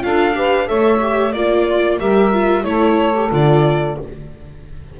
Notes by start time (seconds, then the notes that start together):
0.00 D4 F4 A4 F5
0.34 G4 B4
0.66 A3 A4 C#5 E5
1.01 G4
1.32 A#3 F4 D5
1.65 F4
1.82 D5
1.98 G3 G4 A#4 E5
2.32 F4
2.63 A3 E4 A4 C#5
3.15 G4
3.31 D3 F4 D5